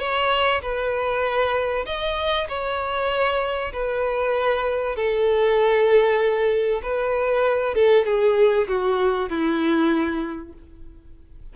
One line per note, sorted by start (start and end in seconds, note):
0.00 0.62 C#5
0.62 1.86 B4
1.86 2.48 D#5
2.49 3.73 C#5
3.73 4.96 B4
4.96 6.82 A4
6.83 7.75 B4
7.75 8.06 A4
8.06 8.68 G#4
8.68 9.30 F#4
9.30 10.54 E4